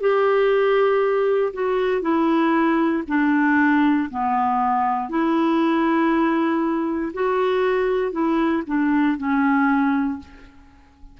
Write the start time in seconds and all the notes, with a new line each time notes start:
0.00 G4
1.53 F#4
2.01 E4
3.07 D4
4.10 B3
5.09 E4
7.13 F#4
8.12 E4
8.66 D4
9.17 C#4